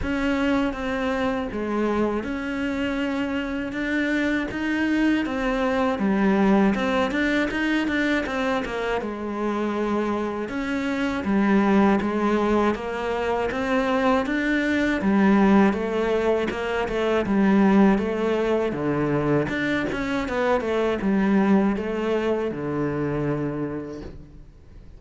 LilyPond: \new Staff \with { instrumentName = "cello" } { \time 4/4 \tempo 4 = 80 cis'4 c'4 gis4 cis'4~ | cis'4 d'4 dis'4 c'4 | g4 c'8 d'8 dis'8 d'8 c'8 ais8 | gis2 cis'4 g4 |
gis4 ais4 c'4 d'4 | g4 a4 ais8 a8 g4 | a4 d4 d'8 cis'8 b8 a8 | g4 a4 d2 | }